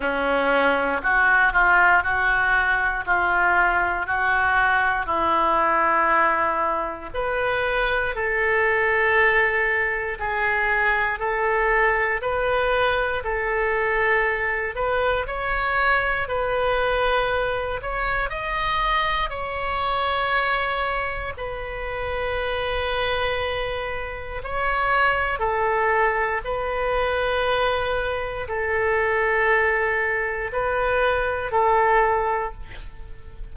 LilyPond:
\new Staff \with { instrumentName = "oboe" } { \time 4/4 \tempo 4 = 59 cis'4 fis'8 f'8 fis'4 f'4 | fis'4 e'2 b'4 | a'2 gis'4 a'4 | b'4 a'4. b'8 cis''4 |
b'4. cis''8 dis''4 cis''4~ | cis''4 b'2. | cis''4 a'4 b'2 | a'2 b'4 a'4 | }